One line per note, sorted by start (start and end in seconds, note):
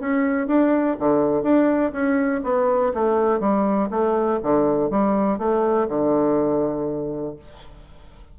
0.00 0.47 C#4
0.47 0.96 D4
0.99 1.43 D3
1.43 1.92 D4
1.92 2.42 C#4
2.44 2.93 B3
2.94 3.40 A3
3.40 3.89 G3
3.91 4.40 A3
4.43 4.90 D3
4.90 5.39 G3
5.39 5.88 A3
5.89 7.36 D3